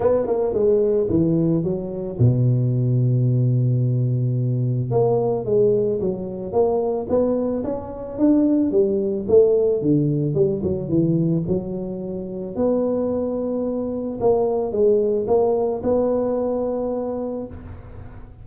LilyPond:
\new Staff \with { instrumentName = "tuba" } { \time 4/4 \tempo 4 = 110 b8 ais8 gis4 e4 fis4 | b,1~ | b,4 ais4 gis4 fis4 | ais4 b4 cis'4 d'4 |
g4 a4 d4 g8 fis8 | e4 fis2 b4~ | b2 ais4 gis4 | ais4 b2. | }